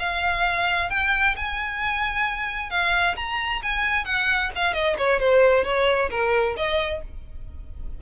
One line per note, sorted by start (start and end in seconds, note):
0.00 0.90 F5
0.90 1.36 G5
1.37 2.71 G#5
2.71 3.16 F5
3.17 3.62 A#5
3.63 4.06 G#5
4.06 4.51 F#5
4.56 4.74 F5
4.74 4.97 D#5
4.98 5.20 C#5
5.20 5.65 C5
5.65 6.10 C#5
6.11 6.56 A#4
6.57 7.02 D#5